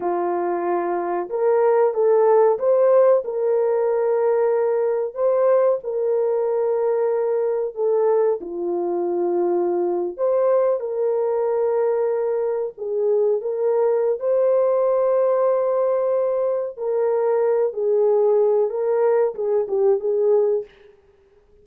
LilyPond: \new Staff \with { instrumentName = "horn" } { \time 4/4 \tempo 4 = 93 f'2 ais'4 a'4 | c''4 ais'2. | c''4 ais'2. | a'4 f'2~ f'8. c''16~ |
c''8. ais'2. gis'16~ | gis'8. ais'4~ ais'16 c''2~ | c''2 ais'4. gis'8~ | gis'4 ais'4 gis'8 g'8 gis'4 | }